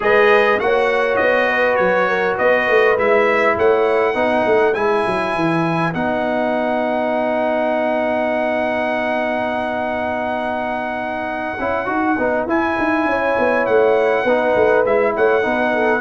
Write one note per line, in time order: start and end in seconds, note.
0.00 0.60 G#3
0.00 0.58 G#4
0.00 0.62 B4
0.00 0.59 D#5
0.59 1.20 A#3
0.59 2.97 F#4
0.59 1.50 C#5
0.59 1.16 F#5
1.16 1.78 B3
1.16 1.75 D#5
1.50 2.08 B4
1.75 2.38 F#3
1.75 2.35 C#5
2.08 2.37 A#4
2.37 2.67 B3
2.37 3.56 B4
2.37 2.97 D#5
2.67 2.97 A3
2.97 3.56 G#3
2.97 4.14 E4
2.97 3.57 E5
3.57 4.14 A3
3.57 4.13 C#5
3.57 4.74 F#5
4.13 4.44 B3
4.13 4.73 D#4
4.13 13.04 B4
4.45 4.75 A3
4.74 5.05 G#3
4.74 5.93 E4
4.74 5.93 G#5
5.06 5.34 F#3
5.34 5.94 E3
5.93 11.58 B3
5.93 11.58 D#4
5.93 12.47 F#5
11.59 11.87 C#4
11.59 11.85 E4
11.85 12.16 D#4
11.85 12.15 F#4
12.18 12.46 B3
12.18 12.48 D#4
12.46 12.76 E4
12.46 14.26 E4
12.46 13.65 G#5
12.78 13.05 D#4
13.05 13.35 C#4
13.05 14.24 C#5
13.38 13.68 B3
13.65 14.24 A3
13.65 14.84 F#5
14.24 14.54 B3
14.24 14.86 D#4
14.24 15.13 B4
14.55 14.85 A3
14.85 15.14 G#3
14.85 15.42 E4
14.85 15.15 E5
15.16 15.44 A3
15.16 15.44 C#5
15.16 16.01 F#5
15.42 16.01 B3
15.42 16.01 D#4
15.42 15.73 B4
15.74 16.01 A4